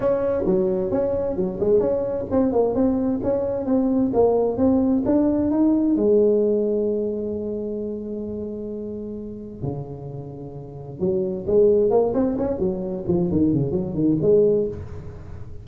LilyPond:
\new Staff \with { instrumentName = "tuba" } { \time 4/4 \tempo 4 = 131 cis'4 fis4 cis'4 fis8 gis8 | cis'4 c'8 ais8 c'4 cis'4 | c'4 ais4 c'4 d'4 | dis'4 gis2.~ |
gis1~ | gis4 cis2. | fis4 gis4 ais8 c'8 cis'8 fis8~ | fis8 f8 dis8 cis8 fis8 dis8 gis4 | }